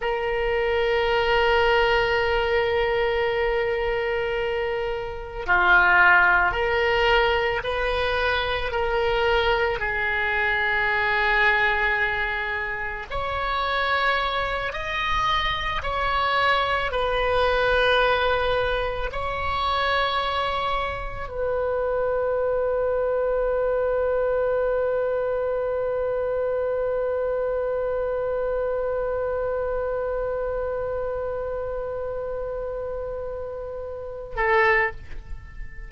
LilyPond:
\new Staff \with { instrumentName = "oboe" } { \time 4/4 \tempo 4 = 55 ais'1~ | ais'4 f'4 ais'4 b'4 | ais'4 gis'2. | cis''4. dis''4 cis''4 b'8~ |
b'4. cis''2 b'8~ | b'1~ | b'1~ | b'2.~ b'8 a'8 | }